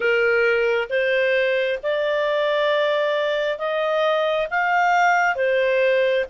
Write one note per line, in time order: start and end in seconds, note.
0.00 0.88 A#4
0.89 1.79 C5
1.82 3.58 D5
3.58 4.47 D#5
4.50 5.35 F5
5.35 6.25 C5